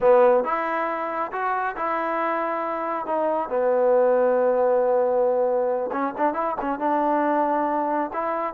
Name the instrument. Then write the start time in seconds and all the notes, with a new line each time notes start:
trombone
0.00 B3
0.44 E4
1.32 F#4
1.76 E4
3.06 D#4
3.49 B3
5.92 C#4
6.17 D4
6.33 E4
6.61 C#4
6.79 D4
8.13 E4